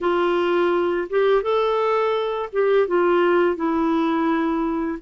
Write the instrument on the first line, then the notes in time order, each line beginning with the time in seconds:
clarinet
0.00 F4
1.09 G4
1.42 A4
2.52 G4
2.87 F4
3.56 E4